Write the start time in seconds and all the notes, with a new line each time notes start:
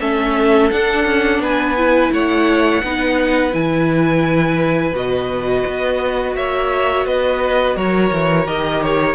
0.00 A3 C#4 A4 E5
0.71 D4 F#5
1.06 C#4
1.39 B3 B4 G#5
1.77 E4
2.12 A3 C#5 F#5
2.83 B3 D#4 B4
3.51 E3 E4 G#5
4.93 B2 F#4 D#5
5.67 B3
6.36 A#3 C#5 E5
7.06 B3 B4 D#5
7.76 F#3 A#4 C#5
8.12 E3
8.46 D#3 G4 D#5
8.82 C#5